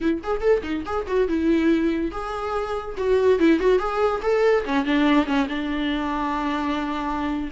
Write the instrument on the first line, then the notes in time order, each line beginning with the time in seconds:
viola
0.00 E4
0.23 G#4
0.40 A4
0.62 D#4
0.85 G#4
1.07 F#4
1.28 E4
2.11 G#4
2.97 F#4
3.39 E4
3.59 F#4
3.79 G#4
4.22 A4
4.65 C#4
4.85 D4
5.26 C#4
5.48 D4